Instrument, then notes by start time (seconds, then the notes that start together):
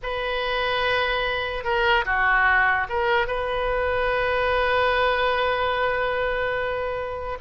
oboe
0.02 B4
1.63 A#4
2.05 F#4
2.89 A#4
3.27 B4